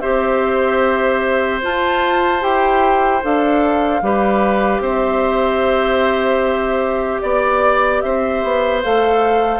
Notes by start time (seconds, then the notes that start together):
0.00 C4 G4 C5 E5
1.62 F4 A5
2.40 E4 G4 G5
3.23 D4 A4 F5
4.02 G3 G4 B4
4.80 C4 C5 E5
7.21 B3 D5
8.01 C4 C5 E5
8.44 B3
8.83 A3 A4 F5